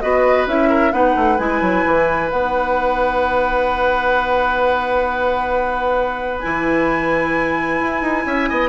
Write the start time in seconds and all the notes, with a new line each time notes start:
0.00 B3 F#4 B4 D#5
0.46 C#4 E4 E5
0.69 A#4
0.92 B3 D#4 B4 F#5
1.15 A3
1.38 G#3 E4 G#5
1.61 F#3
1.85 E3
2.30 B3 D#4 F#5
6.39 E3 E4 G#5
7.80 E4
8.01 D#4
8.25 C#4 E5
8.49 B3 D#5